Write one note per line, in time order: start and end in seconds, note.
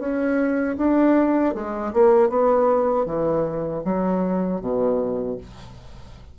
0.00 0.77 C#4
0.78 1.55 D4
1.55 1.93 G#3
1.94 2.30 A#3
2.30 3.06 B3
3.06 3.83 E3
3.85 4.62 F#3
4.62 5.38 B2